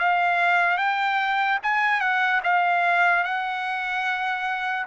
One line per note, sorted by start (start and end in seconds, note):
0.00 0.78 F5
0.78 1.59 G5
1.63 2.01 G#5
2.01 2.41 F#5
2.44 3.24 F5
3.24 4.86 F#5